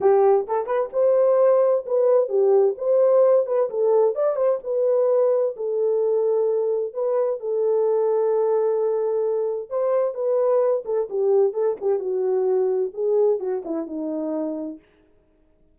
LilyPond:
\new Staff \with { instrumentName = "horn" } { \time 4/4 \tempo 4 = 130 g'4 a'8 b'8 c''2 | b'4 g'4 c''4. b'8 | a'4 d''8 c''8 b'2 | a'2. b'4 |
a'1~ | a'4 c''4 b'4. a'8 | g'4 a'8 g'8 fis'2 | gis'4 fis'8 e'8 dis'2 | }